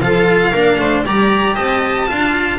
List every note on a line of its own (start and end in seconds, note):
0.00 0.52 F3
0.00 0.53 F4
0.00 0.52 A4
0.00 1.03 F5
0.52 0.78 A#3
0.52 1.05 D4
0.52 0.77 A#4
0.78 1.04 A3
0.78 1.05 C5
1.05 1.57 G3
1.05 2.07 G4
1.05 1.54 D5
1.05 1.55 A#5
1.54 2.09 C4
1.54 2.06 D#5
1.54 2.58 A5
2.07 2.58 D4
2.07 2.58 F4
2.07 2.58 F5